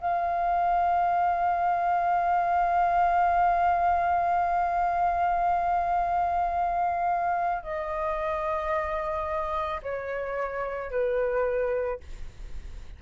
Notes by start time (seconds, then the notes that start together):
0.00 F5
7.63 D#5
9.82 C#5
10.90 B4